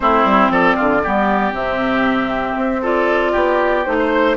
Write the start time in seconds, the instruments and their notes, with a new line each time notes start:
0.00 bassoon A3, clarinet C4, oboe E4, flute C5
0.24 bassoon G3
0.49 bassoon F3, oboe A4, flute D5
0.76 bassoon D3, oboe F4
1.03 bassoon G3, clarinet B3, oboe G4
1.52 bassoon C3, clarinet C4, flute E5
2.56 bassoon C4
2.81 clarinet F4, oboe A4, flute D5
3.32 bassoon B3, oboe G4
3.84 bassoon A3, clarinet D#4, flute C5
3.99 oboe C5